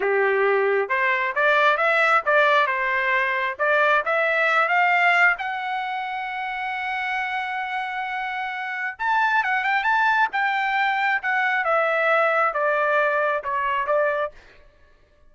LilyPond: \new Staff \with { instrumentName = "trumpet" } { \time 4/4 \tempo 4 = 134 g'2 c''4 d''4 | e''4 d''4 c''2 | d''4 e''4. f''4. | fis''1~ |
fis''1 | a''4 fis''8 g''8 a''4 g''4~ | g''4 fis''4 e''2 | d''2 cis''4 d''4 | }